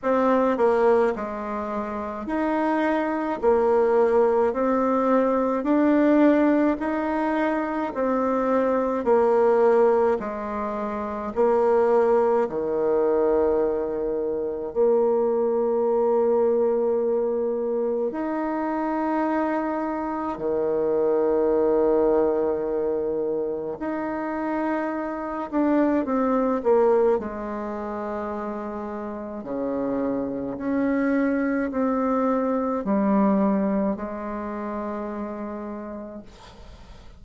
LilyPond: \new Staff \with { instrumentName = "bassoon" } { \time 4/4 \tempo 4 = 53 c'8 ais8 gis4 dis'4 ais4 | c'4 d'4 dis'4 c'4 | ais4 gis4 ais4 dis4~ | dis4 ais2. |
dis'2 dis2~ | dis4 dis'4. d'8 c'8 ais8 | gis2 cis4 cis'4 | c'4 g4 gis2 | }